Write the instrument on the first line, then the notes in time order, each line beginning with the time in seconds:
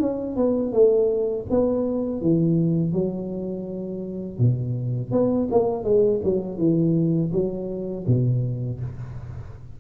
tuba
0.00 C#4
0.36 B3
0.72 A3
1.50 B3
2.22 E3
2.93 F#3
4.38 B2
5.11 B3
5.51 A#3
5.84 G#3
6.24 F#3
6.58 E3
7.32 F#3
8.07 B2